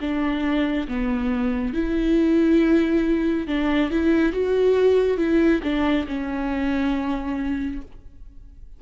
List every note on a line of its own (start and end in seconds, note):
0.00 0.87 D4
0.87 1.73 B3
1.73 3.47 E4
3.47 3.91 D4
3.91 4.32 E4
4.32 5.17 F#4
5.17 5.61 E4
5.63 6.06 D4
6.07 7.81 C#4